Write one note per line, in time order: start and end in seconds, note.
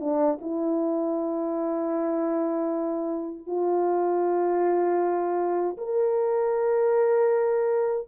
0.00 0.38 D4
0.41 3.47 E4
3.47 5.77 F4
5.78 8.08 A#4